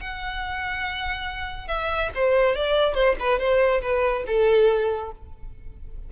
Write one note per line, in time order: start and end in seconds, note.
0.00 1.67 F#5
1.67 2.10 E5
2.15 2.55 C5
2.55 2.94 D5
2.94 3.15 C5
3.19 3.39 B4
3.39 3.81 C5
3.81 4.24 B4
4.27 5.11 A4